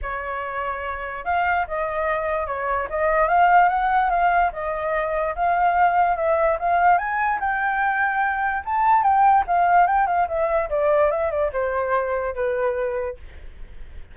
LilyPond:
\new Staff \with { instrumentName = "flute" } { \time 4/4 \tempo 4 = 146 cis''2. f''4 | dis''2 cis''4 dis''4 | f''4 fis''4 f''4 dis''4~ | dis''4 f''2 e''4 |
f''4 gis''4 g''2~ | g''4 a''4 g''4 f''4 | g''8 f''8 e''4 d''4 e''8 d''8 | c''2 b'2 | }